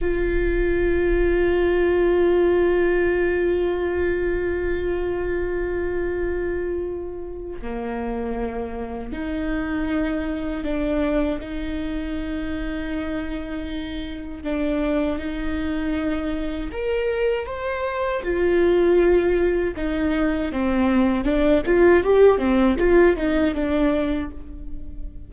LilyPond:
\new Staff \with { instrumentName = "viola" } { \time 4/4 \tempo 4 = 79 f'1~ | f'1~ | f'2 ais2 | dis'2 d'4 dis'4~ |
dis'2. d'4 | dis'2 ais'4 c''4 | f'2 dis'4 c'4 | d'8 f'8 g'8 c'8 f'8 dis'8 d'4 | }